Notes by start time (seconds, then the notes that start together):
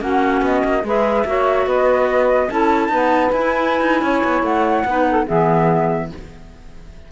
0.00 A#3 C#4 F#4 F#5
0.42 B3 D#5
0.65 A#3
0.83 G#3 G#4 B4 E5
1.25 A#3 F#4 C#5
1.67 B3 B4 D#5
2.49 C#4 E4 A4 A5
2.88 B3 D#4 B4
3.32 E4 G#5
3.81 D#4
4.02 C#4 C#5
4.24 B3
4.42 A3 F#5
4.85 B3 D#4 B4
5.10 A4
5.26 E3 B3 G#4 E5